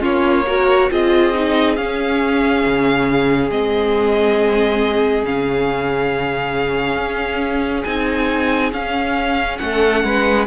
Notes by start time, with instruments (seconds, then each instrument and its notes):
0.00 cello A#3, viola C#4, violin F4 C#5
0.47 viola F#4, violin A#4
0.91 cello C4, viola F4, violin G#4 D#5
1.34 viola D#4
1.76 cello C#4, viola C#4, violin F5
2.66 cello C#3
3.50 cello G#3, viola C4, violin D#5
5.23 cello C#3, viola C#4, violin F5
6.97 cello C#4
7.84 cello C4, viola D#4, violin G#5
8.72 cello C#4, viola C#4, violin F5
9.58 cello A3, violin A4 F#5
10.04 cello G#3, violin B4